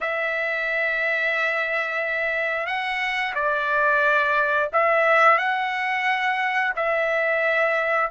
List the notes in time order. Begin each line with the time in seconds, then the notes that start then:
0.01 E5
2.66 F#5
3.34 D5
4.72 E5
5.38 F#5
6.76 E5